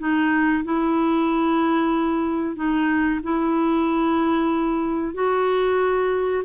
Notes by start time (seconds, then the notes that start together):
0.00 D#4
0.65 E4
2.56 D#4
3.23 E4
5.15 F#4